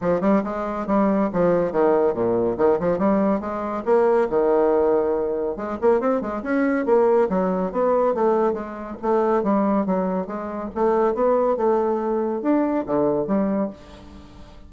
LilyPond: \new Staff \with { instrumentName = "bassoon" } { \time 4/4 \tempo 4 = 140 f8 g8 gis4 g4 f4 | dis4 ais,4 dis8 f8 g4 | gis4 ais4 dis2~ | dis4 gis8 ais8 c'8 gis8 cis'4 |
ais4 fis4 b4 a4 | gis4 a4 g4 fis4 | gis4 a4 b4 a4~ | a4 d'4 d4 g4 | }